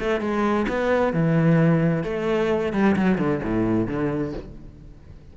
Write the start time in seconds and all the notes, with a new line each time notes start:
0.00 A3
0.21 G#3
0.69 B3
1.13 E3
2.04 A3
2.73 G3
2.96 F#3
3.18 D3
3.43 A2
3.87 D3